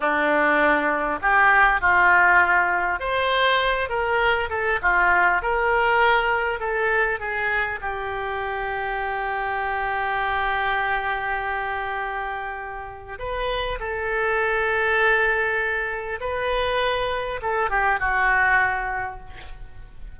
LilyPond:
\new Staff \with { instrumentName = "oboe" } { \time 4/4 \tempo 4 = 100 d'2 g'4 f'4~ | f'4 c''4. ais'4 a'8 | f'4 ais'2 a'4 | gis'4 g'2.~ |
g'1~ | g'2 b'4 a'4~ | a'2. b'4~ | b'4 a'8 g'8 fis'2 | }